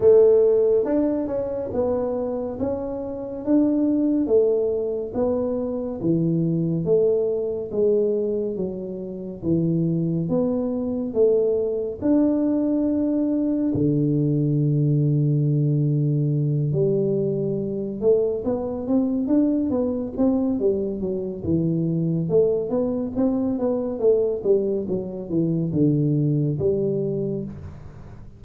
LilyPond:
\new Staff \with { instrumentName = "tuba" } { \time 4/4 \tempo 4 = 70 a4 d'8 cis'8 b4 cis'4 | d'4 a4 b4 e4 | a4 gis4 fis4 e4 | b4 a4 d'2 |
d2.~ d8 g8~ | g4 a8 b8 c'8 d'8 b8 c'8 | g8 fis8 e4 a8 b8 c'8 b8 | a8 g8 fis8 e8 d4 g4 | }